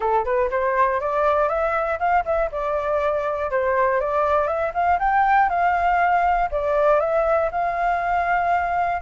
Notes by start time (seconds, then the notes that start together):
0.00 A4
0.25 B4
0.50 C5
1.00 D5
1.48 E5
1.99 F5
2.25 E5
2.51 D5
3.50 C5
4.00 D5
4.47 E5
4.74 F5
4.99 G5
5.49 F5
6.51 D5
7.00 E5
7.51 F5